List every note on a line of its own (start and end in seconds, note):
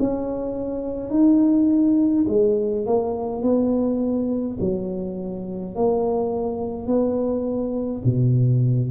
0.00 1.10 C#4
1.10 2.26 D#4
2.28 2.86 G#3
2.86 3.42 A#3
3.42 4.58 B3
4.60 5.75 F#3
5.75 6.87 A#3
6.87 8.02 B3
8.05 8.91 B2